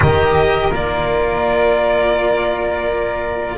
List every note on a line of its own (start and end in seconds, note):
0.00 0.70 D#3
0.00 0.72 G4
0.00 3.55 A#4
0.00 0.72 D#5
0.70 3.56 A#3
0.70 3.57 F4
0.70 3.57 D5